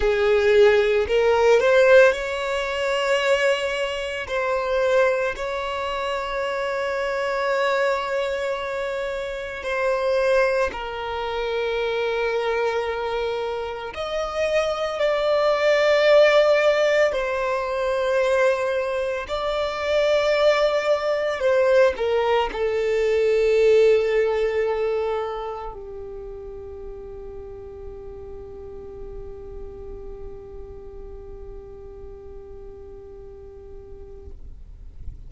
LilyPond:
\new Staff \with { instrumentName = "violin" } { \time 4/4 \tempo 4 = 56 gis'4 ais'8 c''8 cis''2 | c''4 cis''2.~ | cis''4 c''4 ais'2~ | ais'4 dis''4 d''2 |
c''2 d''2 | c''8 ais'8 a'2. | g'1~ | g'1 | }